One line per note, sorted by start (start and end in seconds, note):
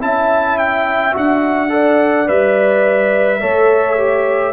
0.00 1.15 C#4
0.00 1.12 E4
0.00 1.72 E5
0.00 0.58 A5
0.58 1.15 G5
1.12 2.29 D4
1.12 1.69 F#4
1.12 2.28 F#5
1.69 2.26 A4
1.69 3.41 D5
2.26 3.42 G3
2.26 3.40 B4
2.26 4.53 E5
3.40 4.53 A3
3.40 3.97 A4
3.40 4.53 C#5
3.97 4.53 G4